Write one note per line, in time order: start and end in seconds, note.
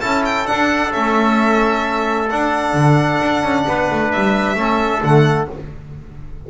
0.00 0.49 C#4
0.00 0.46 E4
0.00 3.64 A4
0.00 0.23 A5
0.25 0.47 G5
0.46 0.91 D4
0.46 0.96 D4
0.46 0.92 F#5
0.92 2.31 A3
0.92 2.29 C#4
0.92 2.29 E5
2.30 2.73 D4
2.30 4.57 D4
2.30 4.11 F#5
2.73 3.19 D3
3.22 3.43 D4
3.43 3.66 C#4
3.67 3.90 B3
3.67 4.59 B4
3.91 4.14 A3
4.12 4.56 G3
4.12 5.02 E5
4.56 5.01 A3
4.56 5.02 C#4
4.56 5.50 A4
5.02 5.48 D3
5.02 5.48 A3
5.02 5.49 F#5